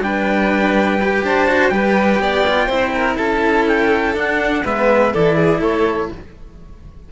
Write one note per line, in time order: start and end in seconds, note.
0.00 1.22 G3
0.00 0.99 D4
0.00 1.24 B4
0.00 1.24 G5
1.01 1.48 G4
1.23 1.71 D4
1.23 1.73 C5
1.23 1.69 A5
1.48 1.72 F#4
1.69 2.19 G3
1.69 2.45 G4
1.69 2.21 B4
1.69 3.15 G5
2.19 2.68 B3
2.19 2.66 D5
2.47 2.70 F4
2.66 3.17 C4
2.66 4.14 E4
2.66 2.90 C5
2.95 3.17 A#4
3.17 4.16 C#4
3.17 4.63 A4
3.17 3.65 A5
3.67 4.16 G5
4.14 4.62 D4
4.14 4.65 D4
4.14 4.65 F#5
4.64 5.13 G#3
4.64 5.14 B3
4.64 5.12 B4
4.64 5.14 E5
5.13 5.59 E3
5.13 6.11 E4
5.13 5.36 A4
5.13 5.62 D5
5.36 5.60 G#4
5.59 6.08 A3
5.59 6.09 A4
5.59 6.11 C#5